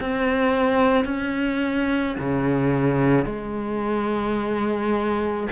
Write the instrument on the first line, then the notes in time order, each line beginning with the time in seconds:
cello
0.00 C4
1.05 C#4
2.19 C#3
3.25 G#3